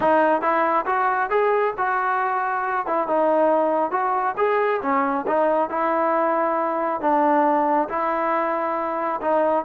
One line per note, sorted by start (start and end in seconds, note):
0.00 0.41 D#4
0.41 0.85 E4
0.86 1.30 F#4
1.30 1.73 G#4
1.77 2.86 F#4
2.86 3.07 E4
3.07 3.91 D#4
3.91 4.35 F#4
4.37 4.81 G#4
4.82 5.25 C#4
5.27 5.69 D#4
5.69 7.01 E4
7.01 7.88 D4
7.89 9.20 E4
9.21 9.65 D#4